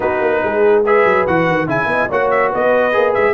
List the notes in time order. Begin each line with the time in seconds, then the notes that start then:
0.00 B3 D#4 F#4 B4
0.20 A#3
0.43 G#3 G#4
0.84 G#4 B4 E5
1.04 F#3
1.26 E3 F#4 F#5
1.47 D#3
1.67 C#3 E4 E5 G#5
1.85 B3 D#5
2.09 A#3 F#4 C#5 F#5
2.30 E5
2.49 B3 B4 D#5
2.92 A#3 G#4
3.14 G#3 E5